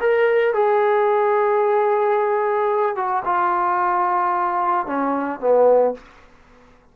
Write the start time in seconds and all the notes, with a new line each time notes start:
0.00 A#4
0.54 G#4
2.96 F#4
3.25 F4
4.86 C#4
5.40 B3